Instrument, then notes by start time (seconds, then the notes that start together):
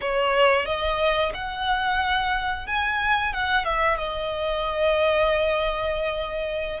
violin
0.01 C#5
0.65 D#5
1.34 F#5
2.66 G#5
3.33 F#5
3.65 E5
3.98 D#5